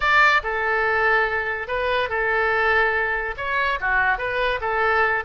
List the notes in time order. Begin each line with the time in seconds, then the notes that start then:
0.00 D5
0.43 A4
1.67 B4
2.09 A4
3.37 C#5
3.80 F#4
4.18 B4
4.60 A4